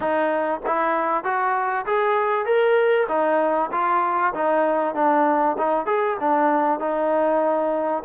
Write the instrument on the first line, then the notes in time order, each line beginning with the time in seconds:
trombone
0.00 D#4
0.66 E4
1.23 F#4
1.86 G#4
2.45 A#4
3.08 D#4
3.71 F4
4.34 D#4
4.94 D4
5.58 D#4
5.86 G#4
6.20 D4
6.79 D#4